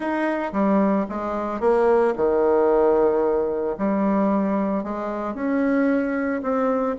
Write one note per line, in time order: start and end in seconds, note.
0.00 0.52 D#4
0.52 1.05 G3
1.09 1.60 G#3
1.60 2.14 A#3
2.16 3.76 D#3
3.78 4.83 G3
4.83 5.34 G#3
5.34 6.41 C#4
6.42 6.96 C4